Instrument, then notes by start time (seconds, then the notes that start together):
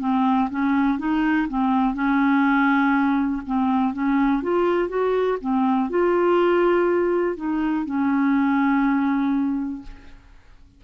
clarinet
0.00 C4
0.51 C#4
0.99 D#4
1.49 C4
1.94 C#4
3.46 C4
3.93 C#4
4.43 F4
4.89 F#4
5.41 C4
5.90 F4
7.36 D#4
7.86 C#4